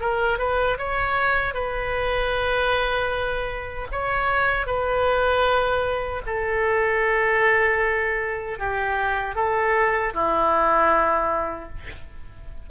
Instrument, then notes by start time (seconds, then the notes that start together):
oboe
0.00 A#4
0.38 B4
0.78 C#5
1.53 B4
3.91 C#5
4.66 B4
6.26 A4
8.59 G4
9.35 A4
10.13 E4